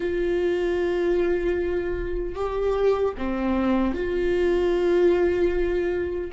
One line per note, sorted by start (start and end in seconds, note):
0.00 2.35 F4
2.35 3.14 G4
3.17 3.94 C4
3.94 6.31 F4